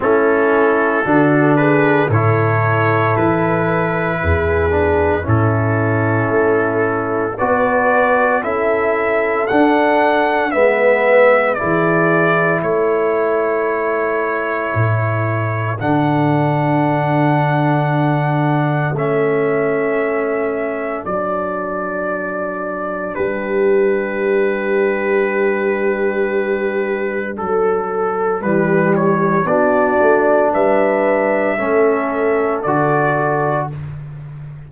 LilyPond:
<<
  \new Staff \with { instrumentName = "trumpet" } { \time 4/4 \tempo 4 = 57 a'4. b'8 cis''4 b'4~ | b'4 a'2 d''4 | e''4 fis''4 e''4 d''4 | cis''2. fis''4~ |
fis''2 e''2 | d''2 b'2~ | b'2 a'4 b'8 cis''8 | d''4 e''2 d''4 | }
  \new Staff \with { instrumentName = "horn" } { \time 4/4 e'4 fis'8 gis'8 a'2 | gis'4 e'2 b'4 | a'2 b'4 gis'4 | a'1~ |
a'1~ | a'2 g'2~ | g'2 a'4 g'4 | fis'4 b'4 a'2 | }
  \new Staff \with { instrumentName = "trombone" } { \time 4/4 cis'4 d'4 e'2~ | e'8 d'8 cis'2 fis'4 | e'4 d'4 b4 e'4~ | e'2. d'4~ |
d'2 cis'2 | d'1~ | d'2. g4 | d'2 cis'4 fis'4 | }
  \new Staff \with { instrumentName = "tuba" } { \time 4/4 a4 d4 a,4 e4 | e,4 a,4 a4 b4 | cis'4 d'4 gis4 e4 | a2 a,4 d4~ |
d2 a2 | fis2 g2~ | g2 fis4 e4 | b8 a8 g4 a4 d4 | }
>>